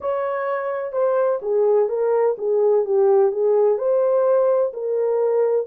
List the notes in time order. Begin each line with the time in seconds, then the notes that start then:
0.00 C#5
0.92 C5
1.42 G#4
1.88 A#4
2.38 G#4
2.85 G4
3.31 G#4
3.78 C5
4.73 A#4